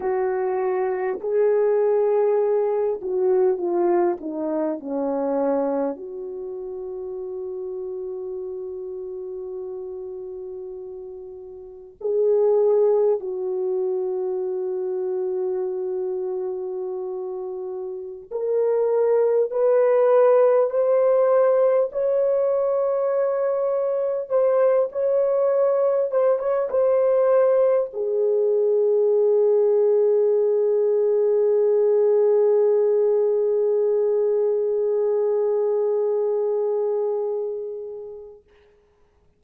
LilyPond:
\new Staff \with { instrumentName = "horn" } { \time 4/4 \tempo 4 = 50 fis'4 gis'4. fis'8 f'8 dis'8 | cis'4 fis'2.~ | fis'2 gis'4 fis'4~ | fis'2.~ fis'16 ais'8.~ |
ais'16 b'4 c''4 cis''4.~ cis''16~ | cis''16 c''8 cis''4 c''16 cis''16 c''4 gis'8.~ | gis'1~ | gis'1 | }